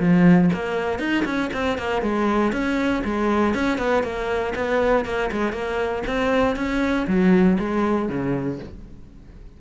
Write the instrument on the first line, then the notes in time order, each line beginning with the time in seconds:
cello
0.00 F3
0.54 A#3
1.00 D#4
1.26 C#4
1.54 C4
1.78 A#3
2.03 G#3
2.53 C#4
3.05 G#3
3.55 C#4
3.78 B3
4.04 A#3
4.55 B3
5.06 A#3
5.32 G#3
5.53 A#3
6.07 C4
6.57 C#4
7.08 F#3
7.60 G#3
8.09 C#3